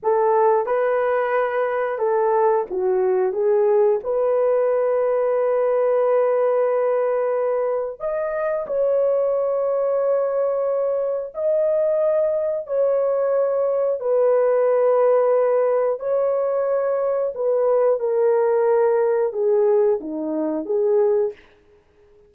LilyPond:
\new Staff \with { instrumentName = "horn" } { \time 4/4 \tempo 4 = 90 a'4 b'2 a'4 | fis'4 gis'4 b'2~ | b'1 | dis''4 cis''2.~ |
cis''4 dis''2 cis''4~ | cis''4 b'2. | cis''2 b'4 ais'4~ | ais'4 gis'4 dis'4 gis'4 | }